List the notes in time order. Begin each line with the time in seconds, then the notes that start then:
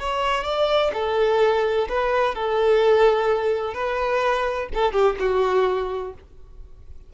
0.00 C#5
0.44 D5
0.94 A4
1.89 B4
2.35 A4
3.74 B4
4.74 A4
4.93 G4
5.19 F#4